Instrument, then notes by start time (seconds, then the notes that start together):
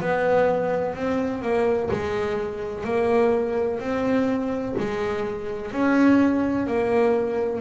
double bass
0.00 B3
0.95 C4
1.42 A#3
1.90 G#3
2.84 A#3
3.79 C4
4.78 G#3
5.71 C#4
6.67 A#3